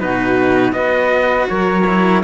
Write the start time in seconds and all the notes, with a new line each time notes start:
0.00 B2 D#4 F#4 B4
0.73 B3 F#4 B4 D#5
1.49 F#3 A#4 C#5
1.87 E4